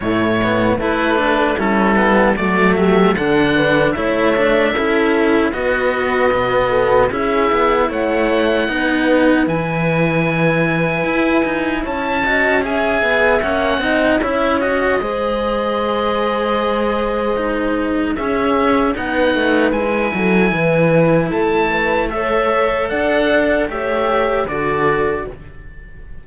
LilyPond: <<
  \new Staff \with { instrumentName = "oboe" } { \time 4/4 \tempo 4 = 76 cis''4 b'4 a'4 d''8 e''8 | fis''4 e''2 dis''4~ | dis''4 e''4 fis''2 | gis''2. a''4 |
gis''4 fis''4 e''8 dis''4.~ | dis''2. e''4 | fis''4 gis''2 a''4 | e''4 fis''4 e''4 d''4 | }
  \new Staff \with { instrumentName = "horn" } { \time 4/4 e'4 a'4 e'4 fis'8 g'8 | a'8 b'8 cis''4 a'4 b'4~ | b'8 a'8 gis'4 cis''4 b'4~ | b'2. cis''8 dis''8 |
e''4. dis''8 cis''4 c''4~ | c''2. gis'4 | b'4. a'8 b'4 a'8 b'8 | cis''4 d''4 cis''4 a'4 | }
  \new Staff \with { instrumentName = "cello" } { \time 4/4 a8 b8 e'8 d'8 cis'8 b8 a4 | d'4 e'8 d'8 e'4 fis'4 | b4 e'2 dis'4 | e'2.~ e'8 fis'8 |
gis'4 cis'8 dis'8 e'8 fis'8 gis'4~ | gis'2 dis'4 cis'4 | dis'4 e'2. | a'2 g'4 fis'4 | }
  \new Staff \with { instrumentName = "cello" } { \time 4/4 a,4 a4 g4 fis4 | d4 a4 cis'4 b4 | b,4 cis'8 b8 a4 b4 | e2 e'8 dis'8 cis'4~ |
cis'8 b8 ais8 c'8 cis'4 gis4~ | gis2. cis'4 | b8 a8 gis8 fis8 e4 a4~ | a4 d'4 a4 d4 | }
>>